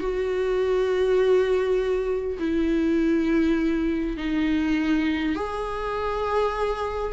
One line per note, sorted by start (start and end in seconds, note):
0.00 2.38 F#4
2.39 4.17 E4
4.17 5.35 D#4
5.35 7.12 G#4